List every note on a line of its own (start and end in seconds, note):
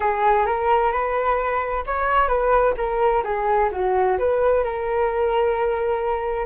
0.00 0.46 G#4
0.46 0.91 A#4
0.91 1.84 B4
1.86 2.27 C#5
2.27 2.74 B4
2.77 3.23 A#4
3.23 3.70 G#4
3.71 4.17 F#4
4.18 4.64 B4
4.64 6.46 A#4